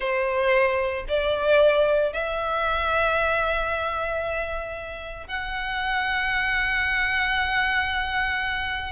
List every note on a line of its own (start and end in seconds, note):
0.00 1.05 C5
1.08 2.12 D5
2.12 5.27 E5
5.27 8.92 F#5